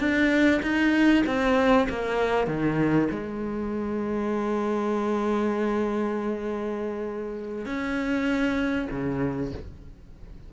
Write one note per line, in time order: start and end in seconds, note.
0.00 0.61 D4
0.63 1.24 D#4
1.27 1.88 C4
1.90 2.48 A#3
2.48 3.09 D#3
3.11 7.66 G#3
7.66 8.89 C#4
8.92 9.53 C#3